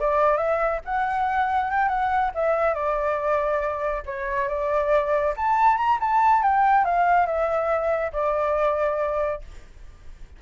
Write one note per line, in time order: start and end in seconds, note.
0.00 0.38 D5
0.38 0.81 E5
0.85 1.71 F#5
1.71 1.89 G5
1.89 2.31 F#5
2.35 2.74 E5
2.74 4.03 D5
4.06 4.48 C#5
4.48 5.34 D5
5.37 5.77 A5
5.77 5.99 A#5
6.00 6.43 A5
6.43 6.85 G5
6.85 7.26 F5
7.26 8.12 E5
8.13 9.42 D5